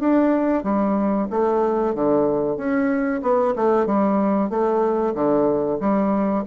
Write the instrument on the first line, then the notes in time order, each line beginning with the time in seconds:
bassoon
0.00 D4
0.64 G3
1.30 A3
1.95 D3
2.57 C#4
3.22 B3
3.56 A3
3.87 G3
4.50 A3
5.15 D3
5.80 G3